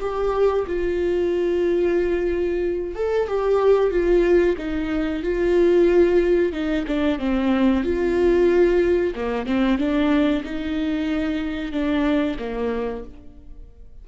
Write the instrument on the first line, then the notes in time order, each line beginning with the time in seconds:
viola
0.00 G4
0.67 F4
2.95 A4
3.28 G4
3.90 F4
4.57 D#4
5.23 F4
6.52 D#4
6.87 D4
7.19 C4
7.83 F4
9.15 A#3
9.46 C4
9.78 D4
10.44 D#4
11.72 D4
12.39 A#3